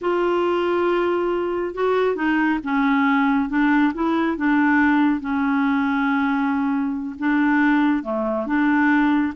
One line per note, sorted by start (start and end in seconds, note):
0.01 1.74 F4
1.74 2.15 F#4
2.15 2.59 D#4
2.63 3.49 C#4
3.49 3.92 D4
3.93 4.37 E4
4.37 5.20 D4
5.20 7.15 C#4
7.18 8.03 D4
8.03 8.46 A3
8.46 9.33 D4